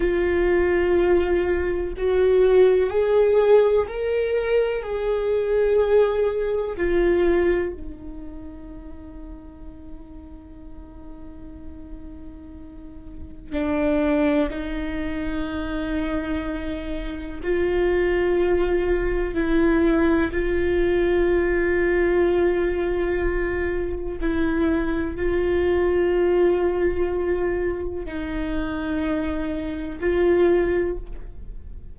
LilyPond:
\new Staff \with { instrumentName = "viola" } { \time 4/4 \tempo 4 = 62 f'2 fis'4 gis'4 | ais'4 gis'2 f'4 | dis'1~ | dis'2 d'4 dis'4~ |
dis'2 f'2 | e'4 f'2.~ | f'4 e'4 f'2~ | f'4 dis'2 f'4 | }